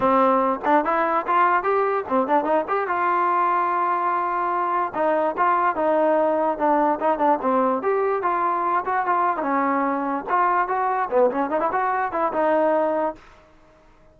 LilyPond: \new Staff \with { instrumentName = "trombone" } { \time 4/4 \tempo 4 = 146 c'4. d'8 e'4 f'4 | g'4 c'8 d'8 dis'8 g'8 f'4~ | f'1 | dis'4 f'4 dis'2 |
d'4 dis'8 d'8 c'4 g'4 | f'4. fis'8 f'8. dis'16 cis'4~ | cis'4 f'4 fis'4 b8 cis'8 | dis'16 e'16 fis'4 e'8 dis'2 | }